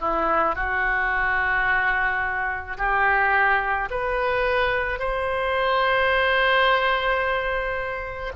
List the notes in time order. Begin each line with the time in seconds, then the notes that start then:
0.00 E4
0.55 F#4
2.78 G4
3.90 B4
4.99 C5